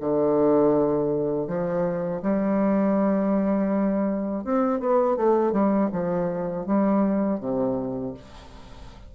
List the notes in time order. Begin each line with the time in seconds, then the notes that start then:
0.00 D3
1.47 F3
2.22 G3
4.44 C4
4.79 B3
5.16 A3
5.52 G3
5.92 F3
6.66 G3
7.39 C3